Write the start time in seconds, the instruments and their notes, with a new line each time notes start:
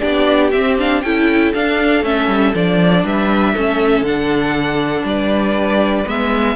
0.00 cello B3, viola D4, violin G4 D5
0.51 cello C4, viola C4, violin E5
0.79 viola D4, violin F5
1.02 cello C#4, viola E4, violin A4 G5
1.54 viola D4, cello D4, violin F5
2.02 cello A3, viola C#4, violin E5
2.27 cello G3
2.55 cello F3, viola D4, violin D5
3.04 cello G3, violin B4 E5
3.54 cello A3, viola C#4, violin A4
4.02 cello D3, viola D4, violin F#5
5.04 cello G3, violin B4 D5
6.06 cello G#3, viola B3, violin E5